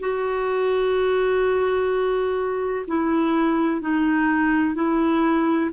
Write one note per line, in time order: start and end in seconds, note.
0.00 2.86 F#4
2.88 3.81 E4
3.81 4.75 D#4
4.75 5.70 E4